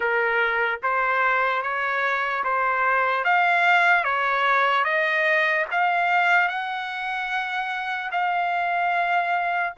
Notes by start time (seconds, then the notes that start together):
0.00 A#4
0.82 C5
1.62 C#5
2.44 C5
3.24 F5
4.04 C#5
4.84 D#5
5.71 F5
6.48 F#5
8.11 F5